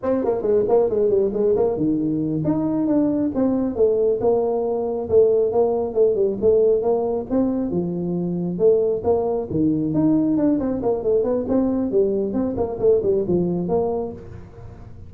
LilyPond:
\new Staff \with { instrumentName = "tuba" } { \time 4/4 \tempo 4 = 136 c'8 ais8 gis8 ais8 gis8 g8 gis8 ais8 | dis4. dis'4 d'4 c'8~ | c'8 a4 ais2 a8~ | a8 ais4 a8 g8 a4 ais8~ |
ais8 c'4 f2 a8~ | a8 ais4 dis4 dis'4 d'8 | c'8 ais8 a8 b8 c'4 g4 | c'8 ais8 a8 g8 f4 ais4 | }